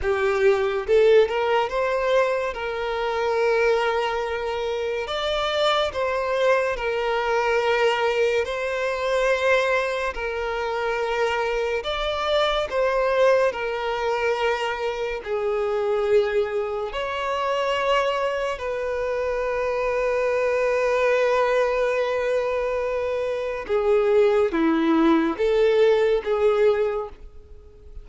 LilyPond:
\new Staff \with { instrumentName = "violin" } { \time 4/4 \tempo 4 = 71 g'4 a'8 ais'8 c''4 ais'4~ | ais'2 d''4 c''4 | ais'2 c''2 | ais'2 d''4 c''4 |
ais'2 gis'2 | cis''2 b'2~ | b'1 | gis'4 e'4 a'4 gis'4 | }